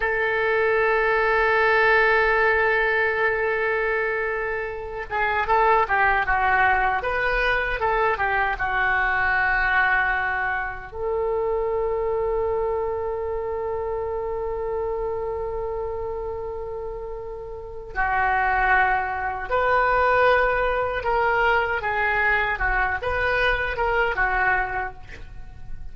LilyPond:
\new Staff \with { instrumentName = "oboe" } { \time 4/4 \tempo 4 = 77 a'1~ | a'2~ a'8 gis'8 a'8 g'8 | fis'4 b'4 a'8 g'8 fis'4~ | fis'2 a'2~ |
a'1~ | a'2. fis'4~ | fis'4 b'2 ais'4 | gis'4 fis'8 b'4 ais'8 fis'4 | }